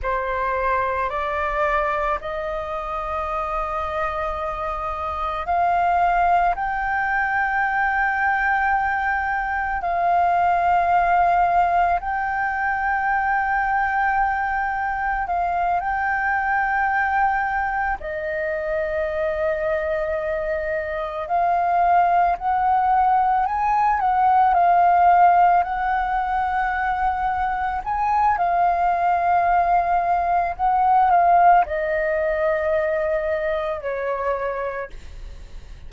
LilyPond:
\new Staff \with { instrumentName = "flute" } { \time 4/4 \tempo 4 = 55 c''4 d''4 dis''2~ | dis''4 f''4 g''2~ | g''4 f''2 g''4~ | g''2 f''8 g''4.~ |
g''8 dis''2. f''8~ | f''8 fis''4 gis''8 fis''8 f''4 fis''8~ | fis''4. gis''8 f''2 | fis''8 f''8 dis''2 cis''4 | }